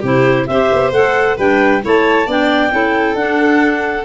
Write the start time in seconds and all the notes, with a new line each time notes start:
0.00 C3 E4 G4 C5
0.47 C4 G4 C5 E5
0.72 B3
0.92 A3 A4 F#5
1.37 G3 D4 B4 G5
1.82 A3 E4 C#5 A5
2.27 B3 D4 D5 G5
2.71 C#4 E4 A4
3.15 D4 F#5